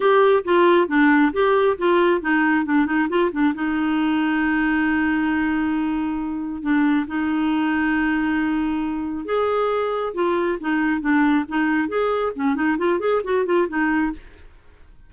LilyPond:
\new Staff \with { instrumentName = "clarinet" } { \time 4/4 \tempo 4 = 136 g'4 f'4 d'4 g'4 | f'4 dis'4 d'8 dis'8 f'8 d'8 | dis'1~ | dis'2. d'4 |
dis'1~ | dis'4 gis'2 f'4 | dis'4 d'4 dis'4 gis'4 | cis'8 dis'8 f'8 gis'8 fis'8 f'8 dis'4 | }